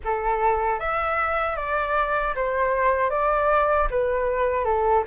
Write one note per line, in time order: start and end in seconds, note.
0.04 0.79 A4
0.79 1.56 E5
1.56 2.34 D5
2.35 3.10 C5
3.10 3.87 D5
3.90 4.64 B4
4.64 5.03 A4